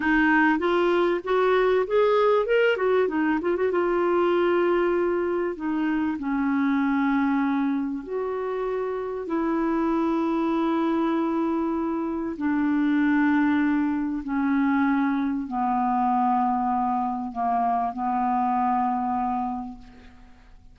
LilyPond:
\new Staff \with { instrumentName = "clarinet" } { \time 4/4 \tempo 4 = 97 dis'4 f'4 fis'4 gis'4 | ais'8 fis'8 dis'8 f'16 fis'16 f'2~ | f'4 dis'4 cis'2~ | cis'4 fis'2 e'4~ |
e'1 | d'2. cis'4~ | cis'4 b2. | ais4 b2. | }